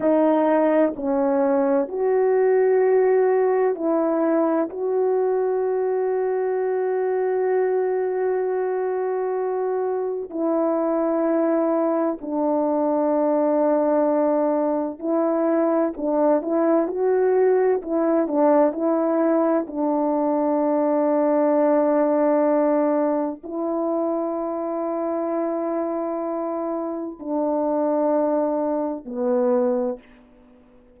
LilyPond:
\new Staff \with { instrumentName = "horn" } { \time 4/4 \tempo 4 = 64 dis'4 cis'4 fis'2 | e'4 fis'2.~ | fis'2. e'4~ | e'4 d'2. |
e'4 d'8 e'8 fis'4 e'8 d'8 | e'4 d'2.~ | d'4 e'2.~ | e'4 d'2 b4 | }